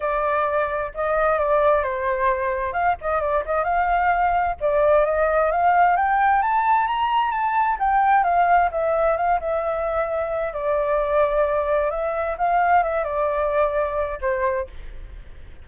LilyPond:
\new Staff \with { instrumentName = "flute" } { \time 4/4 \tempo 4 = 131 d''2 dis''4 d''4 | c''2 f''8 dis''8 d''8 dis''8 | f''2 d''4 dis''4 | f''4 g''4 a''4 ais''4 |
a''4 g''4 f''4 e''4 | f''8 e''2~ e''8 d''4~ | d''2 e''4 f''4 | e''8 d''2~ d''8 c''4 | }